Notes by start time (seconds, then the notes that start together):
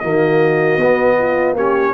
0.00 D#3 A#3 F#4 D#5
0.77 B3
1.19 F4
1.54 A#3 C#4 G4 C#5